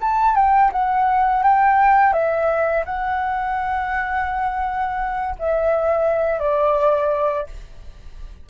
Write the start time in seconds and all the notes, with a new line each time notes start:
0.00 A5
0.35 G5
0.72 F#5
1.43 G5
2.13 E5
2.85 F#5
5.39 E5
6.39 D5